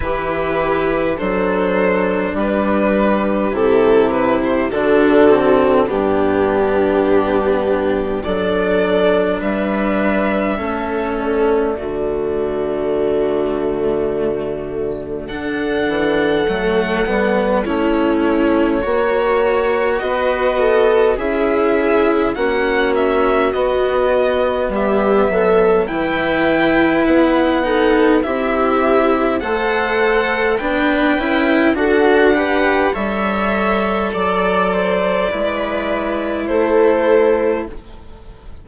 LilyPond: <<
  \new Staff \with { instrumentName = "violin" } { \time 4/4 \tempo 4 = 51 b'4 c''4 b'4 a'8 b'16 c''16 | a'4 g'2 d''4 | e''4. d''2~ d''8~ | d''4 fis''2 cis''4~ |
cis''4 dis''4 e''4 fis''8 e''8 | dis''4 e''4 g''4 fis''4 | e''4 fis''4 g''4 fis''4 | e''4 d''2 c''4 | }
  \new Staff \with { instrumentName = "viola" } { \time 4/4 g'4 a'4 g'2 | fis'4 d'2 a'4 | b'4 a'4 fis'2~ | fis'4 a'2 e'4 |
cis''4 b'8 a'8 gis'4 fis'4~ | fis'4 g'8 a'8 b'4. a'8 | g'4 c''4 b'4 a'8 b'8 | cis''4 d''8 c''8 b'4 a'4 | }
  \new Staff \with { instrumentName = "cello" } { \time 4/4 e'4 d'2 e'4 | d'8 c'8 b2 d'4~ | d'4 cis'4 a2~ | a4 d'4 a8 b8 cis'4 |
fis'2 e'4 cis'4 | b2 e'4. dis'8 | e'4 a'4 d'8 e'8 fis'8 g'8 | a'2 e'2 | }
  \new Staff \with { instrumentName = "bassoon" } { \time 4/4 e4 fis4 g4 c4 | d4 g,2 fis4 | g4 a4 d2~ | d4. e8 fis8 g8 a4 |
ais4 b4 cis'4 ais4 | b4 g8 fis8 e4 b4 | c'4 a4 b8 cis'8 d'4 | g4 fis4 gis4 a4 | }
>>